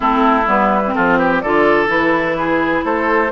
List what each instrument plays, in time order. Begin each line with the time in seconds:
0.00 bassoon A3, clarinet C4, oboe E4, flute A4
0.46 bassoon G3, clarinet B3, flute B4
0.86 clarinet C4
0.94 bassoon F3, oboe F4, flute A4
1.17 oboe G4, flute B4
1.40 bassoon D3, clarinet F4, oboe A4, flute D5
1.87 bassoon E3, clarinet E4, flute B4
2.37 oboe G#4
2.84 bassoon A3, oboe A4, flute C5